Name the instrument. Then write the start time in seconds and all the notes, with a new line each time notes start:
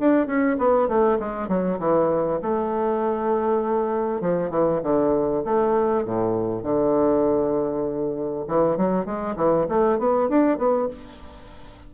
bassoon
0.00 D4
0.27 C#4
0.59 B3
0.88 A3
1.20 G#3
1.48 F#3
1.80 E3
2.42 A3
4.21 F3
4.51 E3
4.83 D3
5.45 A3
6.05 A2
6.64 D3
8.48 E3
8.77 F#3
9.06 G#3
9.37 E3
9.69 A3
9.99 B3
10.29 D4
10.58 B3